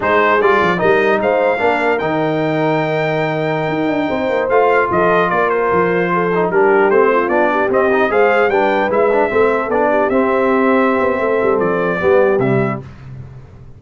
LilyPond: <<
  \new Staff \with { instrumentName = "trumpet" } { \time 4/4 \tempo 4 = 150 c''4 d''4 dis''4 f''4~ | f''4 g''2.~ | g''2.~ g''16 f''8.~ | f''16 dis''4 d''8 c''2~ c''16~ |
c''16 ais'4 c''4 d''4 dis''8.~ | dis''16 f''4 g''4 e''4.~ e''16~ | e''16 d''4 e''2~ e''8.~ | e''4 d''2 e''4 | }
  \new Staff \with { instrumentName = "horn" } { \time 4/4 gis'2 ais'4 c''4 | ais'1~ | ais'2~ ais'16 c''4.~ c''16~ | c''16 a'4 ais'2 a'8.~ |
a'16 g'4. f'4 g'4~ g'16~ | g'16 c''4 b'2 a'8.~ | a'8. g'2.~ g'16 | a'2 g'2 | }
  \new Staff \with { instrumentName = "trombone" } { \time 4/4 dis'4 f'4 dis'2 | d'4 dis'2.~ | dis'2.~ dis'16 f'8.~ | f'2.~ f'8. dis'16~ |
dis'16 d'4 c'4 d'4 c'8 dis'16~ | dis'16 gis'4 d'4 e'8 d'8 c'8.~ | c'16 d'4 c'2~ c'8.~ | c'2 b4 g4 | }
  \new Staff \with { instrumentName = "tuba" } { \time 4/4 gis4 g8 f8 g4 gis4 | ais4 dis2.~ | dis4~ dis16 dis'8 d'8 c'8 ais8 a8.~ | a16 f4 ais4 f4.~ f16~ |
f16 g4 a4 b4 c'8.~ | c'16 gis4 g4 gis4 a8.~ | a16 b4 c'2~ c'16 b8 | a8 g8 f4 g4 c4 | }
>>